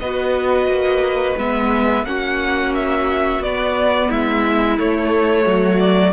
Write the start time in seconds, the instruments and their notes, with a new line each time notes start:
0.00 cello B3, viola F#4, violin B4 D#5
0.67 cello A#3
1.37 cello G#3, viola B3, violin E5
2.04 cello A#3, viola C#4, violin F#4 F#5
2.75 violin E5
3.40 cello B3, viola B3, violin D5
4.08 cello G#3, violin E4 E5
4.78 viola A3, cello A3, violin C#5
5.46 cello F#3, violin F#4
5.79 violin D5